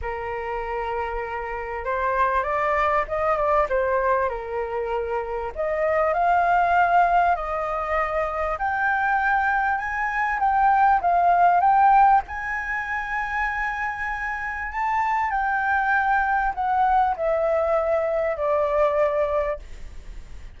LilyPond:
\new Staff \with { instrumentName = "flute" } { \time 4/4 \tempo 4 = 98 ais'2. c''4 | d''4 dis''8 d''8 c''4 ais'4~ | ais'4 dis''4 f''2 | dis''2 g''2 |
gis''4 g''4 f''4 g''4 | gis''1 | a''4 g''2 fis''4 | e''2 d''2 | }